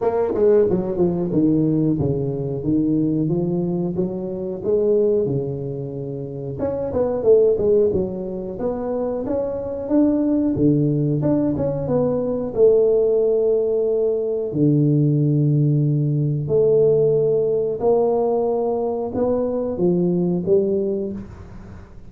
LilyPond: \new Staff \with { instrumentName = "tuba" } { \time 4/4 \tempo 4 = 91 ais8 gis8 fis8 f8 dis4 cis4 | dis4 f4 fis4 gis4 | cis2 cis'8 b8 a8 gis8 | fis4 b4 cis'4 d'4 |
d4 d'8 cis'8 b4 a4~ | a2 d2~ | d4 a2 ais4~ | ais4 b4 f4 g4 | }